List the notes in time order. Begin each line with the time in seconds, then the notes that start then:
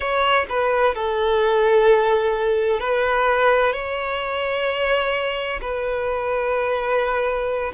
0.00 C#5
0.49 B4
0.94 A4
2.80 B4
3.72 C#5
5.61 B4